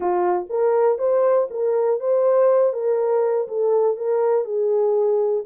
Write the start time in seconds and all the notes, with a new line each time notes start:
0.00 F4
0.49 A#4
0.98 C5
1.50 A#4
2.00 C5
2.73 A#4
3.48 A4
3.96 A#4
4.44 G#4